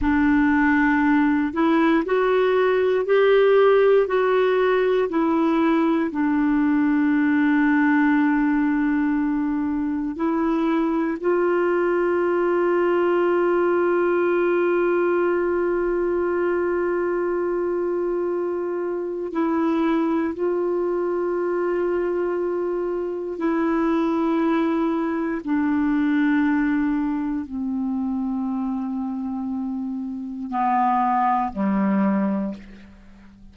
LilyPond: \new Staff \with { instrumentName = "clarinet" } { \time 4/4 \tempo 4 = 59 d'4. e'8 fis'4 g'4 | fis'4 e'4 d'2~ | d'2 e'4 f'4~ | f'1~ |
f'2. e'4 | f'2. e'4~ | e'4 d'2 c'4~ | c'2 b4 g4 | }